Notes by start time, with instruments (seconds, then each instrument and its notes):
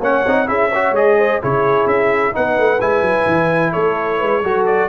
0.00 tuba A#3, trombone C#4, horn C#5, trumpet F#5
0.26 tuba C4, trombone D#4
0.46 tuba C#4, trombone E4, horn G#4, trumpet E5
0.70 trombone F#4, horn C#5
0.91 tuba G#3, trombone G#4, trumpet D#5
1.18 horn C5
1.41 tuba C#3, trombone E4, horn G#4, trumpet C#5
1.86 tuba C#4, trumpet E5
2.32 tuba B3, trombone D#4, horn B4, trumpet F#5
2.58 tuba A3
2.81 tuba G#3, trombone E4, trumpet G#5
3.02 tuba F#3
3.26 tuba E3
3.72 tuba A3, horn A4, trumpet C#5
4.18 tuba G#3, horn B4
4.43 tuba F#3, trombone F#4, horn A4
4.66 trumpet D5